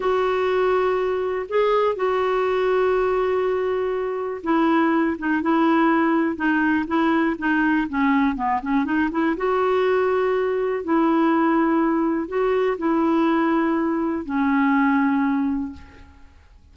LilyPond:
\new Staff \with { instrumentName = "clarinet" } { \time 4/4 \tempo 4 = 122 fis'2. gis'4 | fis'1~ | fis'4 e'4. dis'8 e'4~ | e'4 dis'4 e'4 dis'4 |
cis'4 b8 cis'8 dis'8 e'8 fis'4~ | fis'2 e'2~ | e'4 fis'4 e'2~ | e'4 cis'2. | }